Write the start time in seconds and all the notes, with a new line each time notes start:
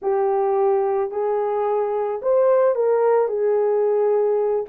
0.02 G4
1.11 G#4
2.22 C5
2.75 A#4
3.28 G#4